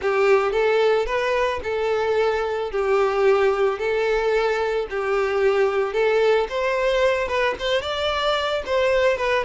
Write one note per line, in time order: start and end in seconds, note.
0.01 0.52 G4
0.52 1.06 A4
1.06 1.60 B4
1.63 2.71 A4
2.71 3.78 G4
3.78 4.86 A4
4.90 5.93 G4
5.93 6.47 A4
6.49 7.28 C5
7.28 7.55 B4
7.59 7.81 C5
7.81 8.62 D5
8.65 9.17 C5
9.17 9.44 B4